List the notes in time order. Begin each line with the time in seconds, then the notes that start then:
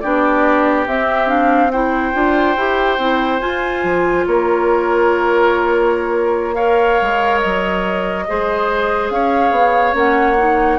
0.00 B3 D4 G4 D5
0.86 C4 E5
1.27 D4 F5
1.71 E4 C5 G5
2.13 D4 F4
2.56 E4 G4
2.98 C4 E4
3.40 F4 G#5
3.83 F3
4.26 A#3 A#4 C#5
6.54 A#4 C#5 F5
7.01 G#3
7.40 F#3 D#5
8.27 G#3 G#4 C5
9.10 C#4 C#5 F5
9.51 B3
9.93 A#3 C#4 F#5
10.38 D#4